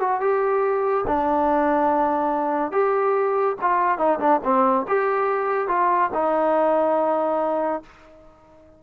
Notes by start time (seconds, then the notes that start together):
0.00 F#4
0.21 G4
1.07 D4
2.72 G4
3.61 F4
3.98 D#4
4.20 D4
4.44 C4
4.88 G4
5.68 F4
6.14 D#4